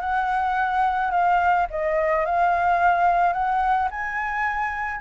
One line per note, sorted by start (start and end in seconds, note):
0.00 1.11 F#5
1.11 1.66 F5
1.70 2.25 D#5
2.25 3.33 F5
3.33 3.88 F#5
3.90 5.01 G#5